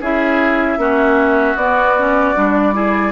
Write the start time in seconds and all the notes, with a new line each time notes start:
0.00 C#4 E4 G#4 E5
0.77 A#3 C#4 F#4
1.56 B3 D5
1.98 C#4
2.35 G3 D4
2.73 E4 G#4